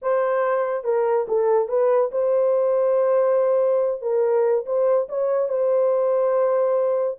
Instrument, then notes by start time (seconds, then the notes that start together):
horn
0.02 C5
0.84 A#4
1.28 A4
1.68 B4
2.11 C5
4.01 A#4
4.65 C5
5.08 C#5
5.48 C5